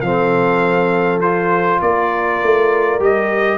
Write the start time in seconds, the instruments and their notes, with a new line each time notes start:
0.00 tuba F3, trombone C4, horn A4, trumpet F5
1.20 trombone F4, trumpet C5
1.81 tuba A#3, horn A#4, trumpet D5
2.42 tuba A3
2.99 tuba G3, trombone G4, trumpet D#5